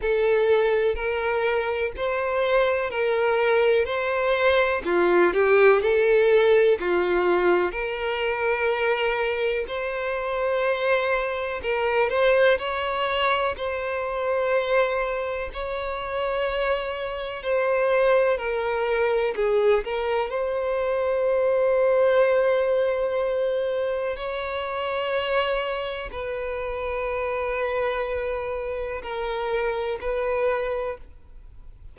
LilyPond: \new Staff \with { instrumentName = "violin" } { \time 4/4 \tempo 4 = 62 a'4 ais'4 c''4 ais'4 | c''4 f'8 g'8 a'4 f'4 | ais'2 c''2 | ais'8 c''8 cis''4 c''2 |
cis''2 c''4 ais'4 | gis'8 ais'8 c''2.~ | c''4 cis''2 b'4~ | b'2 ais'4 b'4 | }